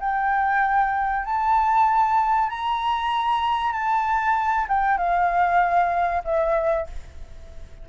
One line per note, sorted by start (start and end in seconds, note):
0.00 1.25 G5
1.25 2.50 A5
2.50 3.72 A#5
3.72 4.66 A5
4.68 4.98 G5
4.98 6.23 F5
6.24 6.87 E5